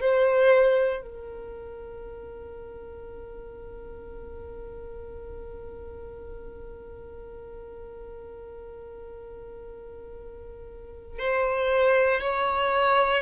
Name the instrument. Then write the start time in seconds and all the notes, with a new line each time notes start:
violin
0.00 C5
1.02 A#4
11.19 C5
12.20 C#5